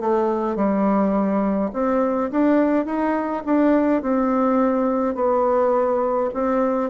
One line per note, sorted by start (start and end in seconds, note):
0.00 0.55 A3
0.55 1.70 G3
1.73 2.30 C4
2.31 2.85 D4
2.85 3.43 D#4
3.45 4.02 D4
4.02 5.15 C4
5.15 6.30 B3
6.34 6.90 C4